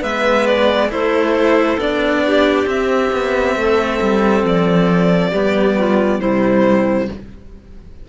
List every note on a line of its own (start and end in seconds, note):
0.00 0.91 G#3
0.00 0.89 B3
0.00 0.88 B4
0.00 0.46 E5
0.46 0.90 D5
0.89 1.77 A3
0.89 1.78 E4
0.89 2.23 A4
0.89 1.79 C5
1.77 2.65 B3
1.77 2.66 D4
1.77 2.68 D5
2.26 3.58 G4
2.66 5.31 C4
2.66 3.11 C4
2.66 4.45 E5
3.12 3.56 B3
3.56 4.00 A3
3.56 5.31 A4
4.01 4.43 G3
4.43 5.32 F3
4.43 6.20 D5
5.31 6.20 G3
5.31 6.20 B3
5.31 5.75 G4
5.77 6.19 F4
6.19 7.09 C3
6.19 7.08 G3
6.19 7.07 E4
6.19 7.08 C5